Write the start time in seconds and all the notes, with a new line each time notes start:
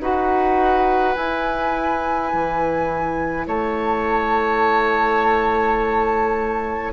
0.00 D#4 F#4 B4 F#5
1.15 E4 G#5
2.33 E3
3.47 A3 C#5 A5